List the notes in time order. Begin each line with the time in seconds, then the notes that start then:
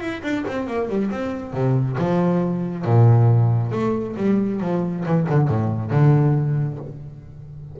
0.00 E4
0.23 D4
0.47 C4
0.67 A#3
0.89 G3
1.10 C4
1.53 C3
1.98 F3
2.85 A#2
3.71 A3
4.16 G3
4.60 F3
5.05 E3
5.29 D3
5.48 A2
5.90 D3